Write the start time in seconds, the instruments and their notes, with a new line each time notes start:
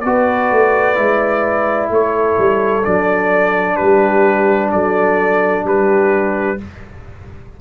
0.00 tuba B3, trombone F#4, horn B4, trumpet D5
0.51 tuba A3
0.95 tuba G#3, trombone E4
1.89 tuba A3, horn A4, trumpet C#5
2.38 tuba G3
2.83 tuba F#3, trombone D4, trumpet D5
3.76 tuba G3, horn G4, trumpet B4
4.72 tuba F#3, horn A4, trumpet D5
5.64 tuba G3, horn G4, trumpet B4